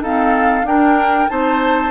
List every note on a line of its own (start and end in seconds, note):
0.00 0.66 C4
0.00 0.64 D#4
0.00 0.66 A4
0.00 0.67 F5
0.64 1.28 D4
0.64 1.29 D4
0.64 1.30 A#4
0.64 1.29 G5
1.29 1.90 C4
1.29 1.90 D#4
1.29 1.90 C5
1.29 1.90 A5